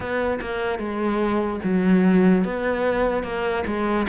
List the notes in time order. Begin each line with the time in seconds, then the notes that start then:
0.00 B3
0.40 A#3
0.79 G#3
1.63 F#3
2.44 B3
3.23 A#3
3.66 G#3